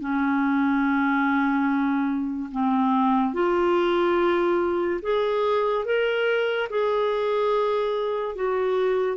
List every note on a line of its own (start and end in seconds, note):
0.00 2.50 C#4
2.52 3.34 C4
3.34 5.00 F4
5.02 5.85 G#4
5.85 6.69 A#4
6.70 8.35 G#4
8.35 9.17 F#4